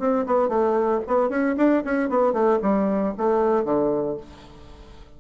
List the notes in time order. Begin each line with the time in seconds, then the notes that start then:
0.00 C4
0.27 B3
0.49 A3
1.08 B3
1.30 C#4
1.57 D4
1.85 C#4
2.10 B3
2.33 A3
2.63 G3
3.18 A3
3.65 D3